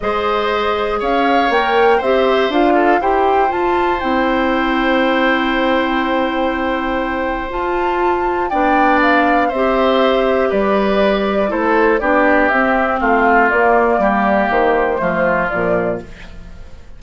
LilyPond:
<<
  \new Staff \with { instrumentName = "flute" } { \time 4/4 \tempo 4 = 120 dis''2 f''4 g''4 | e''4 f''4 g''4 a''4 | g''1~ | g''2. a''4~ |
a''4 g''4 f''4 e''4~ | e''4 d''2 c''4 | d''4 e''4 f''4 d''4~ | d''4 c''2 d''4 | }
  \new Staff \with { instrumentName = "oboe" } { \time 4/4 c''2 cis''2 | c''4. a'8 c''2~ | c''1~ | c''1~ |
c''4 d''2 c''4~ | c''4 b'2 a'4 | g'2 f'2 | g'2 f'2 | }
  \new Staff \with { instrumentName = "clarinet" } { \time 4/4 gis'2. ais'4 | g'4 f'4 g'4 f'4 | e'1~ | e'2. f'4~ |
f'4 d'2 g'4~ | g'2. e'4 | d'4 c'2 ais4~ | ais2 a4 f4 | }
  \new Staff \with { instrumentName = "bassoon" } { \time 4/4 gis2 cis'4 ais4 | c'4 d'4 e'4 f'4 | c'1~ | c'2. f'4~ |
f'4 b2 c'4~ | c'4 g2 a4 | b4 c'4 a4 ais4 | g4 dis4 f4 ais,4 | }
>>